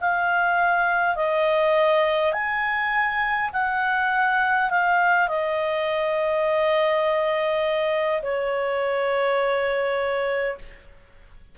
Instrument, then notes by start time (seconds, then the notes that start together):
clarinet
0.00 F5
1.16 D#5
2.33 G#5
3.52 F#5
4.70 F5
5.27 D#5
8.22 C#5